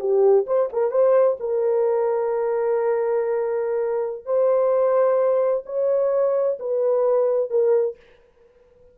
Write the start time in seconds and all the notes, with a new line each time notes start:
0.00 G4
0.47 C5
0.73 A#4
0.91 C5
1.40 A#4
4.26 C5
5.66 C#5
6.60 B4
7.50 A#4